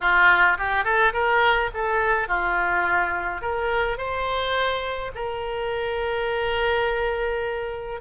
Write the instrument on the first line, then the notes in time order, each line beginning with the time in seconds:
oboe
0.00 F4
0.58 G4
0.84 A4
1.13 A#4
1.74 A4
2.28 F4
3.41 A#4
3.97 C5
5.15 A#4